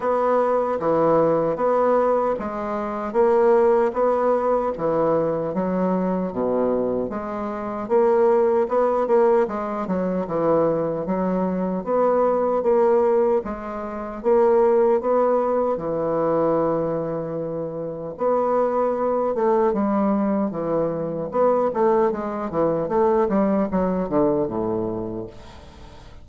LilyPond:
\new Staff \with { instrumentName = "bassoon" } { \time 4/4 \tempo 4 = 76 b4 e4 b4 gis4 | ais4 b4 e4 fis4 | b,4 gis4 ais4 b8 ais8 | gis8 fis8 e4 fis4 b4 |
ais4 gis4 ais4 b4 | e2. b4~ | b8 a8 g4 e4 b8 a8 | gis8 e8 a8 g8 fis8 d8 a,4 | }